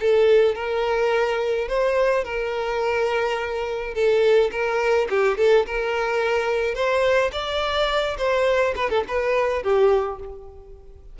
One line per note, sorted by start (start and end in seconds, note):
0.00 0.55 A4
0.55 1.68 A#4
1.68 2.24 C5
2.24 3.94 A#4
3.94 4.50 A4
4.51 5.07 A#4
5.09 5.37 G4
5.37 5.65 A4
5.66 6.74 A#4
6.74 7.31 C5
7.32 8.17 D5
8.17 8.74 C5
8.76 8.89 B4
8.89 9.03 A4
9.07 9.63 B4
9.63 10.19 G4